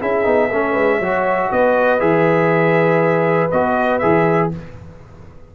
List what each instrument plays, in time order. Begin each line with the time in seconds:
0.00 tuba C#4, trombone E4, horn G#4, trumpet E5
0.24 tuba B3, trombone D#4
0.50 tuba A3, trombone C#4, horn A4
0.72 tuba G#3, horn B4
0.99 tuba F#3, trombone F#4, horn C#5
1.52 tuba B3, horn B4, trumpet D#5
2.00 tuba E3, trombone G#4, trumpet E5
3.51 tuba B3, trombone F#4, trumpet D#5
3.99 tuba E3, trombone G#4, trumpet E5